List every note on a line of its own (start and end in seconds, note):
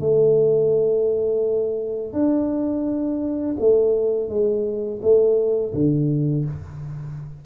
0.00 2.13 A3
2.13 3.56 D4
3.59 4.29 A3
4.29 5.00 G#3
5.02 5.73 A3
5.73 6.45 D3